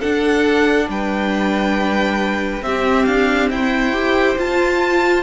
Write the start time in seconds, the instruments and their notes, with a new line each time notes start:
0.00 viola D4, cello D4, violin A4 F#5
0.89 cello G3, violin B4 G5
2.62 cello C4, viola C4, violin G4 E5
3.05 cello D4, violin F5
3.50 cello E4, violin C5 G5
3.93 viola G4
4.38 cello F4, viola F4, violin A5